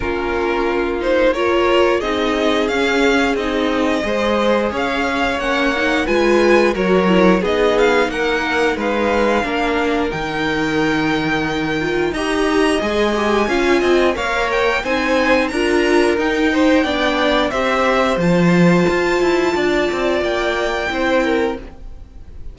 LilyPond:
<<
  \new Staff \with { instrumentName = "violin" } { \time 4/4 \tempo 4 = 89 ais'4. c''8 cis''4 dis''4 | f''4 dis''2 f''4 | fis''4 gis''4 cis''4 dis''8 f''8 | fis''4 f''2 g''4~ |
g''2 ais''4 gis''4~ | gis''4 f''8 g''8 gis''4 ais''4 | g''2 e''4 a''4~ | a''2 g''2 | }
  \new Staff \with { instrumentName = "violin" } { \time 4/4 f'2 ais'4 gis'4~ | gis'2 c''4 cis''4~ | cis''4 b'4 ais'4 gis'4 | ais'4 b'4 ais'2~ |
ais'2 dis''2 | f''8 dis''8 cis''4 c''4 ais'4~ | ais'8 c''8 d''4 c''2~ | c''4 d''2 c''8 ais'8 | }
  \new Staff \with { instrumentName = "viola" } { \time 4/4 cis'4. dis'8 f'4 dis'4 | cis'4 dis'4 gis'2 | cis'8 dis'8 f'4 fis'8 e'8 dis'4~ | dis'2 d'4 dis'4~ |
dis'4. f'8 g'4 gis'8 g'8 | f'4 ais'4 dis'4 f'4 | dis'4 d'4 g'4 f'4~ | f'2. e'4 | }
  \new Staff \with { instrumentName = "cello" } { \time 4/4 ais2. c'4 | cis'4 c'4 gis4 cis'4 | ais4 gis4 fis4 b4 | ais4 gis4 ais4 dis4~ |
dis2 dis'4 gis4 | cis'8 c'8 ais4 c'4 d'4 | dis'4 b4 c'4 f4 | f'8 e'8 d'8 c'8 ais4 c'4 | }
>>